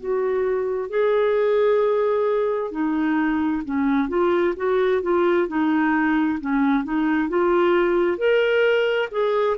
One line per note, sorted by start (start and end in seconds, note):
0.00 0.90 F#4
0.90 2.71 G#4
2.71 3.62 D#4
3.65 4.08 C#4
4.08 4.54 F4
4.56 5.02 F#4
5.02 5.48 F4
5.48 6.38 D#4
6.40 6.84 C#4
6.84 7.29 D#4
7.29 8.18 F4
8.18 9.09 A#4
9.11 9.57 G#4